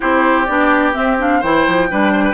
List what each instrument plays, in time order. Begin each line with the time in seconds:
0.00 bassoon C4, clarinet E4, oboe G4, flute C5
0.45 bassoon B3, clarinet D4, flute D5
0.93 clarinet C4, bassoon C4, flute E5
1.18 clarinet D4, flute F5
1.39 bassoon E3, clarinet E4, oboe C5, flute G5
1.66 bassoon F3
1.89 bassoon G3, clarinet D4, oboe B4
2.12 oboe C5
2.23 oboe B4